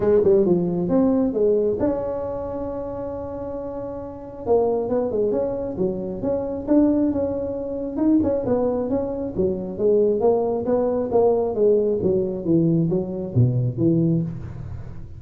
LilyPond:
\new Staff \with { instrumentName = "tuba" } { \time 4/4 \tempo 4 = 135 gis8 g8 f4 c'4 gis4 | cis'1~ | cis'2 ais4 b8 gis8 | cis'4 fis4 cis'4 d'4 |
cis'2 dis'8 cis'8 b4 | cis'4 fis4 gis4 ais4 | b4 ais4 gis4 fis4 | e4 fis4 b,4 e4 | }